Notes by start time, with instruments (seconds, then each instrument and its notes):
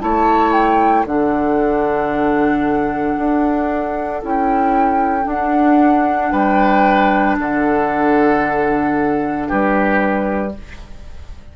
0.00 bassoon A3, clarinet E4, oboe C#5, flute A5
0.53 flute G5
1.05 bassoon D3, clarinet D4, oboe A4, flute F#5
3.18 bassoon D4
4.21 bassoon C#4, clarinet E4, flute G5
5.23 clarinet D4, bassoon D4, flute F#5
6.32 bassoon G3, oboe B4, flute G5
7.38 bassoon D3, oboe A4, flute F#5
9.48 bassoon G3, oboe G4, flute B4